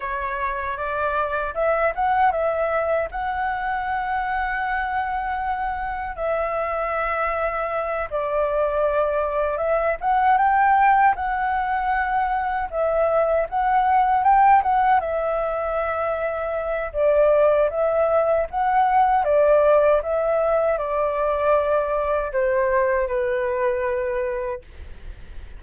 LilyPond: \new Staff \with { instrumentName = "flute" } { \time 4/4 \tempo 4 = 78 cis''4 d''4 e''8 fis''8 e''4 | fis''1 | e''2~ e''8 d''4.~ | d''8 e''8 fis''8 g''4 fis''4.~ |
fis''8 e''4 fis''4 g''8 fis''8 e''8~ | e''2 d''4 e''4 | fis''4 d''4 e''4 d''4~ | d''4 c''4 b'2 | }